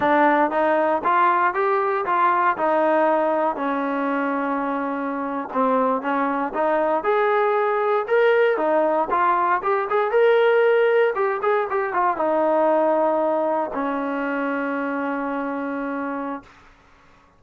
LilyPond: \new Staff \with { instrumentName = "trombone" } { \time 4/4 \tempo 4 = 117 d'4 dis'4 f'4 g'4 | f'4 dis'2 cis'4~ | cis'2~ cis'8. c'4 cis'16~ | cis'8. dis'4 gis'2 ais'16~ |
ais'8. dis'4 f'4 g'8 gis'8 ais'16~ | ais'4.~ ais'16 g'8 gis'8 g'8 f'8 dis'16~ | dis'2~ dis'8. cis'4~ cis'16~ | cis'1 | }